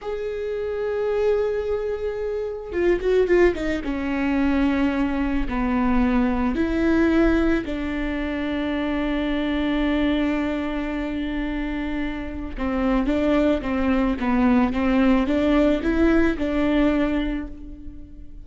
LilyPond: \new Staff \with { instrumentName = "viola" } { \time 4/4 \tempo 4 = 110 gis'1~ | gis'4 f'8 fis'8 f'8 dis'8 cis'4~ | cis'2 b2 | e'2 d'2~ |
d'1~ | d'2. c'4 | d'4 c'4 b4 c'4 | d'4 e'4 d'2 | }